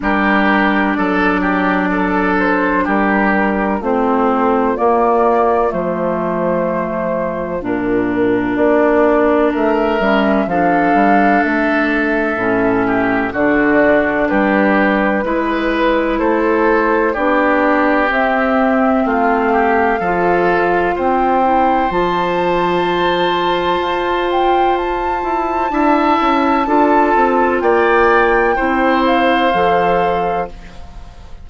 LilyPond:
<<
  \new Staff \with { instrumentName = "flute" } { \time 4/4 \tempo 4 = 63 ais'4 d''4. c''8 ais'4 | c''4 d''4 c''2 | ais'4 d''4 e''4 f''4 | e''2 d''4 b'4~ |
b'4 c''4 d''4 e''4 | f''2 g''4 a''4~ | a''4. g''8 a''2~ | a''4 g''4. f''4. | }
  \new Staff \with { instrumentName = "oboe" } { \time 4/4 g'4 a'8 g'8 a'4 g'4 | f'1~ | f'2 ais'4 a'4~ | a'4. g'8 fis'4 g'4 |
b'4 a'4 g'2 | f'8 g'8 a'4 c''2~ | c''2. e''4 | a'4 d''4 c''2 | }
  \new Staff \with { instrumentName = "clarinet" } { \time 4/4 d'1 | c'4 ais4 a2 | d'2~ d'8 cis'8 d'4~ | d'4 cis'4 d'2 |
e'2 d'4 c'4~ | c'4 f'4. e'8 f'4~ | f'2. e'4 | f'2 e'4 a'4 | }
  \new Staff \with { instrumentName = "bassoon" } { \time 4/4 g4 fis2 g4 | a4 ais4 f2 | ais,4 ais4 a8 g8 f8 g8 | a4 a,4 d4 g4 |
gis4 a4 b4 c'4 | a4 f4 c'4 f4~ | f4 f'4. e'8 d'8 cis'8 | d'8 c'8 ais4 c'4 f4 | }
>>